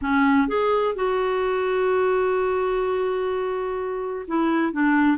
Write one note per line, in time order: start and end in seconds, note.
0.01 0.48 C#4
0.48 0.95 G#4
0.95 4.26 F#4
4.27 4.72 E4
4.72 5.17 D4